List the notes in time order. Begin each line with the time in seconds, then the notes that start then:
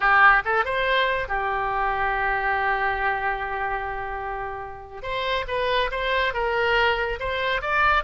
0.00 G4
0.45 A4
0.64 C5
1.28 G4
5.02 C5
5.47 B4
5.91 C5
6.33 A#4
7.19 C5
7.61 D5